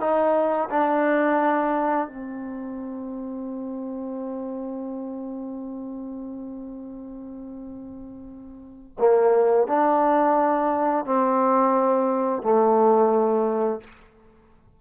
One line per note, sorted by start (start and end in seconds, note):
0.00 0.69 D#4
0.70 2.07 D4
2.07 8.97 C4
8.99 9.67 A#3
9.67 11.05 D4
11.05 12.43 C4
12.43 13.81 A3